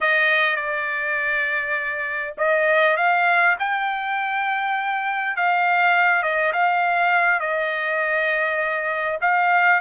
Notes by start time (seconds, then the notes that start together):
0.00 D#5
0.56 D5
2.37 D#5
2.96 F5
3.59 G5
5.36 F5
6.22 D#5
6.52 F5
7.40 D#5
9.21 F5